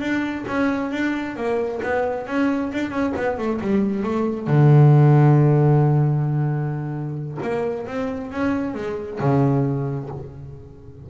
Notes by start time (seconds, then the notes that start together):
0.00 D4
0.48 C#4
0.91 D4
1.36 A#3
1.83 B3
2.27 C#4
2.73 D4
2.91 C#4
3.16 B3
3.38 A3
3.61 G3
4.03 A3
4.47 D3
7.42 A#3
7.87 C4
8.32 C#4
8.75 G#3
9.20 C#3